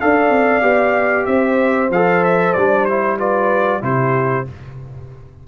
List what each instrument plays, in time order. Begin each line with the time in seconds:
0.00 tuba D4, trombone A4, horn D5, trumpet F5
0.29 tuba C4
0.61 tuba B3, trombone G4
1.25 tuba C4, horn C5, trumpet E5
1.90 tuba F3, trombone A4, trumpet F5
2.24 trumpet E5
2.53 tuba G3, trombone D4, trumpet D5
2.85 trombone E4, trumpet C5
3.18 trombone F4, horn B4, trumpet D5
3.81 tuba C3, trombone E4, horn G4, trumpet C5